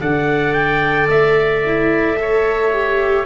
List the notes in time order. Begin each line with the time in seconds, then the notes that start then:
0.00 D3 A4 D5 F#5
0.53 G5
1.08 A3 E5
1.66 E4
2.16 A4 C#5
2.72 G4